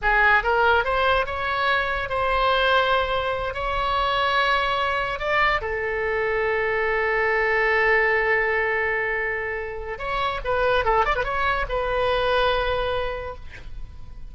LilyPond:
\new Staff \with { instrumentName = "oboe" } { \time 4/4 \tempo 4 = 144 gis'4 ais'4 c''4 cis''4~ | cis''4 c''2.~ | c''8 cis''2.~ cis''8~ | cis''8 d''4 a'2~ a'8~ |
a'1~ | a'1 | cis''4 b'4 a'8 d''16 b'16 cis''4 | b'1 | }